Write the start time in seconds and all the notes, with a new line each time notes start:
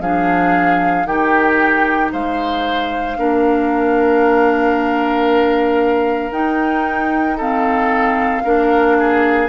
0.00 F3 D4 G#4 F5
1.05 D#3 D#4 G4 G5
2.12 G#3 C5 F5
3.16 A#3 D4 A#4
6.31 D#4 G5
7.37 C4 A4 F5
8.44 A#3 D4 A#4
8.99 G#4